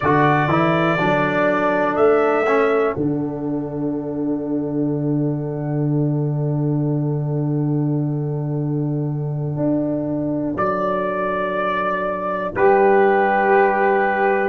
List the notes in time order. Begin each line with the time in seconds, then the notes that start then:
0.00 D3 F#4 A4 D5
0.47 E3 E4
0.98 F#3 D4
1.96 A3 E5
2.47 C#4
2.93 D3 D4 F#5
9.56 D4
10.55 F#3 D5
12.54 G3 G4 B4